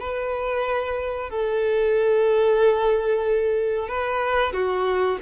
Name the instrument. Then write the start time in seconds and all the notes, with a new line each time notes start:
violin
0.00 B4
1.30 A4
3.88 B4
4.53 F#4